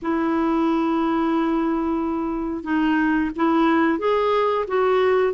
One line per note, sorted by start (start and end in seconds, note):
0.02 2.63 E4
2.63 3.30 D#4
3.36 3.98 E4
3.98 4.65 G#4
4.67 5.33 F#4